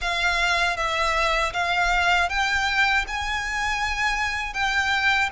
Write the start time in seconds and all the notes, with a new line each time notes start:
0.01 F5
0.76 E5
1.53 F5
2.29 G5
3.07 G#5
4.53 G5